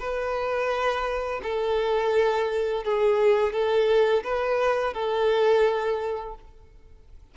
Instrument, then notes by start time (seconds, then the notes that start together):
violin
0.00 B4
1.43 A4
2.84 G#4
3.53 A4
4.24 B4
4.94 A4